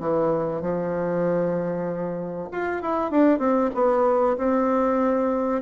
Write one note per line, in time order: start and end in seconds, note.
0.00 0.61 E3
0.61 2.49 F3
2.51 2.82 F4
2.82 3.11 E4
3.11 3.39 D4
3.39 3.70 C4
3.74 4.37 B3
4.37 5.62 C4